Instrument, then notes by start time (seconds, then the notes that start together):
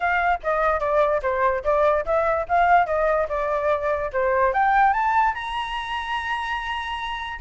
flute
0.00 F5
0.43 D#5
0.80 D5
1.22 C5
1.64 D5
2.05 E5
2.48 F5
2.86 D#5
3.28 D5
4.12 C5
4.53 G5
4.93 A5
5.34 A#5